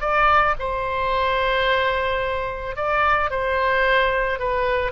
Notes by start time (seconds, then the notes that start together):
0.00 D5
0.59 C5
2.76 D5
3.30 C5
4.39 B4